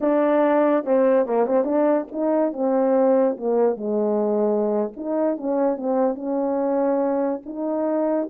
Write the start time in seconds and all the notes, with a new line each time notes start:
0.00 D4
0.84 C4
1.26 A#3
1.46 C4
1.64 D4
2.11 D#4
2.53 C4
3.37 A#3
3.76 G#3
4.96 D#4
5.37 C#4
5.76 C4
6.15 C#4
7.45 D#4